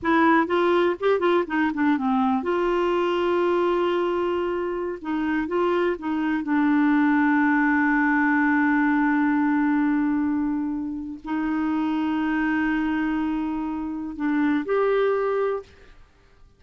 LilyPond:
\new Staff \with { instrumentName = "clarinet" } { \time 4/4 \tempo 4 = 123 e'4 f'4 g'8 f'8 dis'8 d'8 | c'4 f'2.~ | f'2~ f'16 dis'4 f'8.~ | f'16 dis'4 d'2~ d'8.~ |
d'1~ | d'2. dis'4~ | dis'1~ | dis'4 d'4 g'2 | }